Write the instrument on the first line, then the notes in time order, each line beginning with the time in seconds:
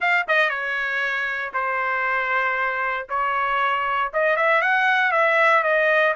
trumpet
0.00 F5
0.28 D#5
0.49 C#5
1.53 C5
3.09 C#5
4.13 D#5
4.36 E5
4.61 F#5
5.11 E5
5.63 D#5